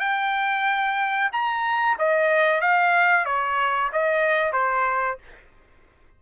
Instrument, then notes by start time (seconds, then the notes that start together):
trumpet
0.00 G5
1.32 A#5
1.99 D#5
2.61 F5
3.25 C#5
3.92 D#5
4.53 C5